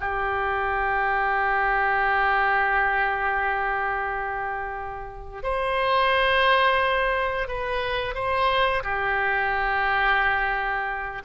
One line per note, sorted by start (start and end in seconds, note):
0.00 5.43 G4
5.43 7.48 C5
7.48 8.14 B4
8.14 8.83 C5
8.83 11.22 G4